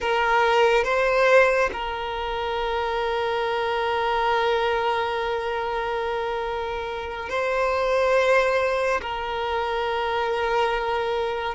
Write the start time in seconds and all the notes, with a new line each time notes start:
0.00 A#4
0.84 C5
1.73 A#4
7.29 C5
9.01 A#4